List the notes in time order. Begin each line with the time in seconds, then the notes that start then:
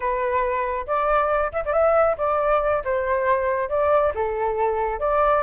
0.00 B4
0.86 D5
1.52 E5
1.65 D5
1.72 E5
2.17 D5
2.84 C5
3.69 D5
4.14 A4
4.99 D5